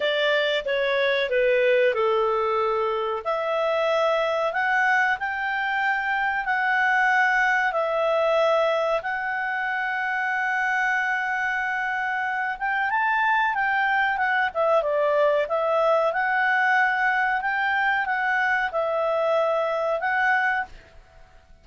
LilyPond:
\new Staff \with { instrumentName = "clarinet" } { \time 4/4 \tempo 4 = 93 d''4 cis''4 b'4 a'4~ | a'4 e''2 fis''4 | g''2 fis''2 | e''2 fis''2~ |
fis''2.~ fis''8 g''8 | a''4 g''4 fis''8 e''8 d''4 | e''4 fis''2 g''4 | fis''4 e''2 fis''4 | }